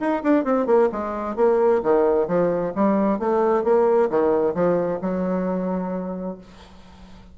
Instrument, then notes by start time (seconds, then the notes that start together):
bassoon
0.00 D#4
0.23 D4
0.45 C4
0.67 A#3
0.92 G#3
1.36 A#3
1.83 D#3
2.28 F3
2.75 G3
3.19 A3
3.64 A#3
4.10 D#3
4.55 F3
5.02 F#3